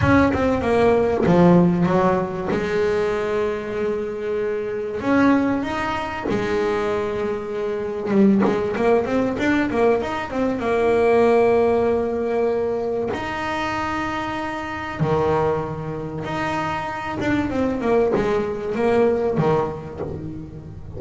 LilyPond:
\new Staff \with { instrumentName = "double bass" } { \time 4/4 \tempo 4 = 96 cis'8 c'8 ais4 f4 fis4 | gis1 | cis'4 dis'4 gis2~ | gis4 g8 gis8 ais8 c'8 d'8 ais8 |
dis'8 c'8 ais2.~ | ais4 dis'2. | dis2 dis'4. d'8 | c'8 ais8 gis4 ais4 dis4 | }